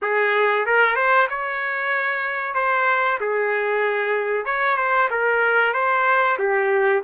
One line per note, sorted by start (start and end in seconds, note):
0.02 0.66 G#4
0.66 0.95 A#4
0.95 1.27 C5
1.29 2.54 C#5
2.54 3.18 C5
3.20 4.45 G#4
4.45 4.76 C#5
4.76 5.08 C5
5.10 5.73 A#4
5.73 6.37 C5
6.39 7.02 G4